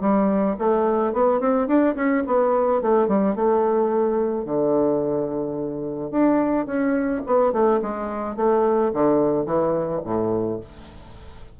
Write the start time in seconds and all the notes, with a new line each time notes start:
0.00 G3
0.58 A3
1.13 B3
1.40 C4
1.67 D4
1.95 C#4
2.26 B3
2.82 A3
3.07 G3
3.35 A3
4.45 D3
6.11 D4
6.66 C#4
7.26 B3
7.52 A3
7.81 G#3
8.36 A3
8.93 D3
9.46 E3
10.04 A2